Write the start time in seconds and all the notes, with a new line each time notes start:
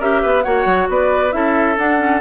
0.00 C#4 G4 A#4 E5
0.22 B3 B4
0.43 A#3 F#4 C#5 F#5
0.66 F#3
0.89 B3 B4 D5
1.31 C#4 E4 A4 E5
1.78 D4 F#5
1.99 C#4